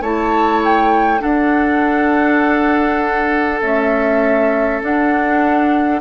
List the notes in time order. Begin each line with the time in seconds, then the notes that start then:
0.00 A3 E4 C#5 A5
0.64 G5
1.19 D4 A4 F#5
3.61 A3 C#4 E5
4.81 D4 F#5